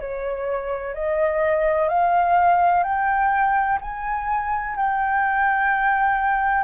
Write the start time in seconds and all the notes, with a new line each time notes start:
0.00 C#5
0.94 D#5
1.88 F5
2.83 G5
3.81 G#5
4.76 G5